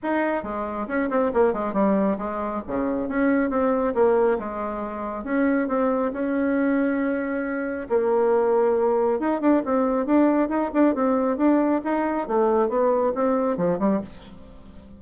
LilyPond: \new Staff \with { instrumentName = "bassoon" } { \time 4/4 \tempo 4 = 137 dis'4 gis4 cis'8 c'8 ais8 gis8 | g4 gis4 cis4 cis'4 | c'4 ais4 gis2 | cis'4 c'4 cis'2~ |
cis'2 ais2~ | ais4 dis'8 d'8 c'4 d'4 | dis'8 d'8 c'4 d'4 dis'4 | a4 b4 c'4 f8 g8 | }